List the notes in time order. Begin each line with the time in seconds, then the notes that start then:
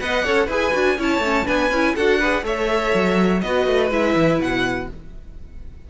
0.00 B3 B4 D#5 F#5
0.24 C#4 A4 C#5
0.46 E4 G#4 B4
0.53 G#5
0.73 D4 F#4
0.98 C#4 E4 C#5 A5
1.19 A3 C#4
1.46 B3 D4 B4 G#5
1.71 C#4 E4
1.96 D4 F#4 A4 F#5
2.19 G#4 B4
2.43 A3 A4 C#5 E5
2.95 F#3
3.41 B3 F#4 B4 D#5
3.67 A3
3.90 G#3 E4 E5
4.16 E3
4.39 B2 F#5